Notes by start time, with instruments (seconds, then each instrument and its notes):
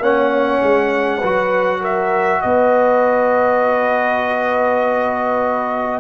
0.00 tuba A#3, trombone C#4, horn C#5, trumpet F#5
0.62 tuba G#3
1.18 tuba F#3, trombone F#4, horn B4
1.81 horn A#4, trumpet E5
2.42 tuba B3, horn B4, trumpet D#5